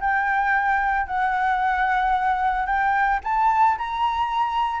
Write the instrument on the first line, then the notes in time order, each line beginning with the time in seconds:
flute
0.00 G5
1.06 F#5
2.66 G5
3.23 A5
3.77 A#5